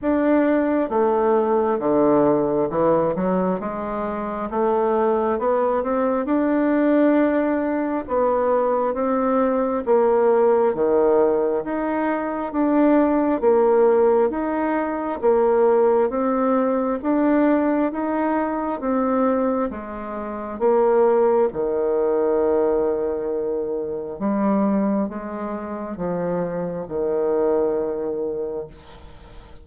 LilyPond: \new Staff \with { instrumentName = "bassoon" } { \time 4/4 \tempo 4 = 67 d'4 a4 d4 e8 fis8 | gis4 a4 b8 c'8 d'4~ | d'4 b4 c'4 ais4 | dis4 dis'4 d'4 ais4 |
dis'4 ais4 c'4 d'4 | dis'4 c'4 gis4 ais4 | dis2. g4 | gis4 f4 dis2 | }